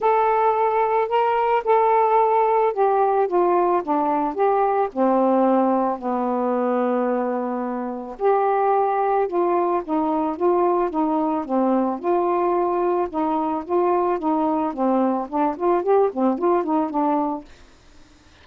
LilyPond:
\new Staff \with { instrumentName = "saxophone" } { \time 4/4 \tempo 4 = 110 a'2 ais'4 a'4~ | a'4 g'4 f'4 d'4 | g'4 c'2 b4~ | b2. g'4~ |
g'4 f'4 dis'4 f'4 | dis'4 c'4 f'2 | dis'4 f'4 dis'4 c'4 | d'8 f'8 g'8 c'8 f'8 dis'8 d'4 | }